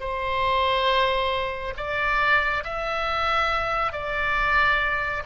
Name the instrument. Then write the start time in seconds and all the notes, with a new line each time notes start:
oboe
0.00 C5
1.77 D5
2.64 E5
3.92 D5